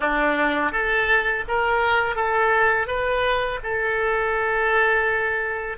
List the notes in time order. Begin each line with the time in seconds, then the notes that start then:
0.00 D4
0.72 A4
1.48 A#4
2.15 A4
2.87 B4
3.63 A4